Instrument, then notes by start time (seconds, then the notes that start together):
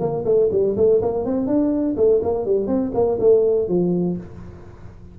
tuba
0.00 A#3
0.25 A3
0.52 G3
0.77 A3
1.02 A#3
1.25 C4
1.47 D4
1.97 A3
2.23 A#3
2.46 G3
2.67 C4
2.94 A#3
3.20 A3
3.69 F3